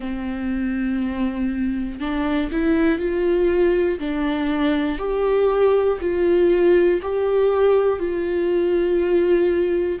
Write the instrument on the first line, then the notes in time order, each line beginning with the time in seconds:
viola
0.00 C4
2.00 D4
2.51 E4
2.99 F4
3.99 D4
4.98 G4
6.00 F4
7.01 G4
7.99 F4